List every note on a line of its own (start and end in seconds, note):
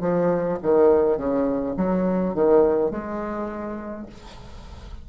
0.00 0.58 F3
0.62 1.17 D#3
1.17 1.75 C#3
1.77 2.34 F#3
2.34 2.91 D#3
2.91 4.06 G#3